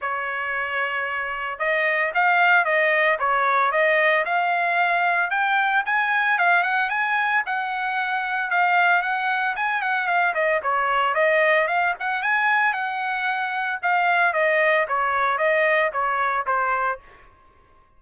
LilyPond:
\new Staff \with { instrumentName = "trumpet" } { \time 4/4 \tempo 4 = 113 cis''2. dis''4 | f''4 dis''4 cis''4 dis''4 | f''2 g''4 gis''4 | f''8 fis''8 gis''4 fis''2 |
f''4 fis''4 gis''8 fis''8 f''8 dis''8 | cis''4 dis''4 f''8 fis''8 gis''4 | fis''2 f''4 dis''4 | cis''4 dis''4 cis''4 c''4 | }